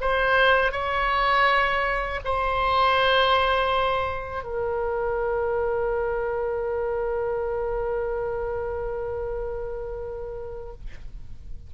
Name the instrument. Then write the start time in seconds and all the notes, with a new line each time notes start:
oboe
0.00 C5
0.71 C#5
2.24 C5
4.43 A#4